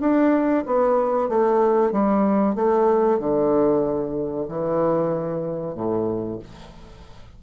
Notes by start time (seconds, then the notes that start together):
0.00 D4
0.66 B3
1.28 A3
1.92 G3
2.55 A3
3.19 D3
4.48 E3
5.75 A2